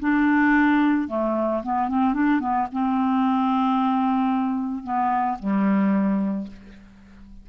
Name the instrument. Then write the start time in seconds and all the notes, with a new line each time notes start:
clarinet
0.00 D4
1.08 A3
1.63 B3
1.88 C4
2.13 D4
2.40 B3
2.72 C4
4.84 B3
5.39 G3